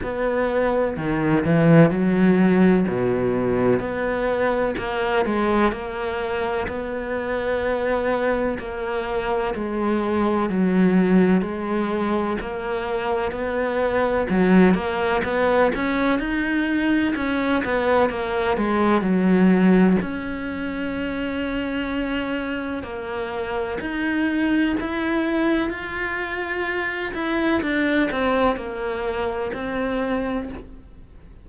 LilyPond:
\new Staff \with { instrumentName = "cello" } { \time 4/4 \tempo 4 = 63 b4 dis8 e8 fis4 b,4 | b4 ais8 gis8 ais4 b4~ | b4 ais4 gis4 fis4 | gis4 ais4 b4 fis8 ais8 |
b8 cis'8 dis'4 cis'8 b8 ais8 gis8 | fis4 cis'2. | ais4 dis'4 e'4 f'4~ | f'8 e'8 d'8 c'8 ais4 c'4 | }